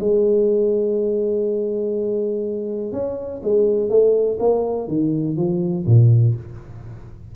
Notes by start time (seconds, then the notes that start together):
0.00 G#3
2.93 C#4
3.43 G#3
3.90 A3
4.40 A#3
4.88 D#3
5.37 F3
5.86 A#2